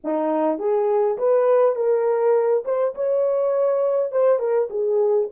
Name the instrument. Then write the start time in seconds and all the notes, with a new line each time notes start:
horn
0.03 D#4
0.58 G#4
1.18 B4
1.75 A#4
2.64 C5
2.94 C#5
4.11 C5
4.39 A#4
4.70 G#4